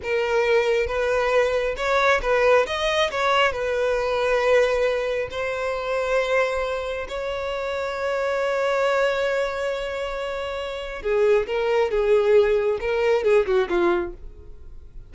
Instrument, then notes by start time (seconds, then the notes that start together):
violin
0.03 A#4
0.87 B4
1.76 C#5
2.22 B4
2.66 D#5
3.10 C#5
3.52 B4
5.30 C5
7.08 C#5
11.02 G#4
11.46 A#4
11.90 G#4
12.80 A#4
13.24 G#4
13.46 F#4
13.69 F4